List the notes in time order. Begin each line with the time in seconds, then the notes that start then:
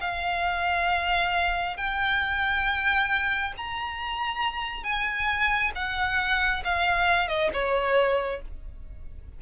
0.00 F5
1.76 G5
3.57 A#5
4.83 G#5
5.75 F#5
6.65 F5
7.28 D#5
7.53 C#5